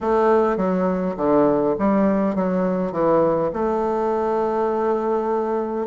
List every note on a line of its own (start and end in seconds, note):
0.00 0.56 A3
0.56 1.15 F#3
1.16 1.75 D3
1.79 2.35 G3
2.35 2.91 F#3
2.91 3.50 E3
3.53 5.87 A3